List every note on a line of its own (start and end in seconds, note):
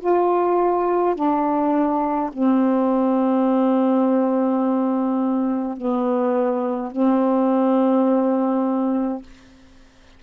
0.00 1.15 F4
1.15 2.30 D4
2.32 5.77 C4
5.77 6.92 B3
6.92 9.23 C4